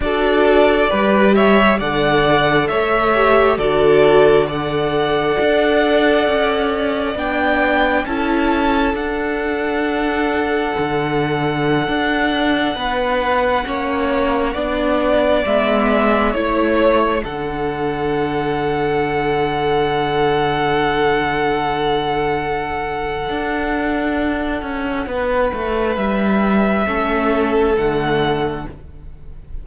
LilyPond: <<
  \new Staff \with { instrumentName = "violin" } { \time 4/4 \tempo 4 = 67 d''4. e''8 fis''4 e''4 | d''4 fis''2. | g''4 a''4 fis''2~ | fis''1~ |
fis''4~ fis''16 e''4 cis''4 fis''8.~ | fis''1~ | fis''1~ | fis''4 e''2 fis''4 | }
  \new Staff \with { instrumentName = "violin" } { \time 4/4 a'4 b'8 cis''8 d''4 cis''4 | a'4 d''2.~ | d''4 a'2.~ | a'2~ a'16 b'4 cis''8.~ |
cis''16 d''2 cis''4 a'8.~ | a'1~ | a'1 | b'2 a'2 | }
  \new Staff \with { instrumentName = "viola" } { \time 4/4 fis'4 g'4 a'4. g'8 | fis'4 a'2. | d'4 e'4 d'2~ | d'2.~ d'16 cis'8.~ |
cis'16 d'4 b4 e'4 d'8.~ | d'1~ | d'1~ | d'2 cis'4 a4 | }
  \new Staff \with { instrumentName = "cello" } { \time 4/4 d'4 g4 d4 a4 | d2 d'4 cis'4 | b4 cis'4 d'2 | d4~ d16 d'4 b4 ais8.~ |
ais16 b4 gis4 a4 d8.~ | d1~ | d2 d'4. cis'8 | b8 a8 g4 a4 d4 | }
>>